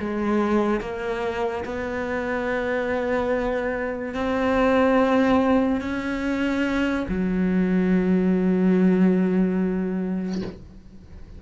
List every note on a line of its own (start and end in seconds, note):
0.00 0.81 G#3
0.81 1.64 A#3
1.66 4.15 B3
4.15 5.81 C4
5.81 7.06 C#4
7.09 10.42 F#3